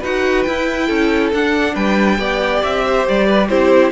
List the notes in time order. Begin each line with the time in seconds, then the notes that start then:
0.00 D#4 F#4 B4 F#5
0.43 E4 G5
0.87 C#4 A4
1.33 D4 F#5
1.74 G3 B4 G5
2.18 B3 G4 D5
2.63 C4 E5
2.86 C5
3.08 G3 D5
3.26 B4
3.49 C4 E4 G4 C5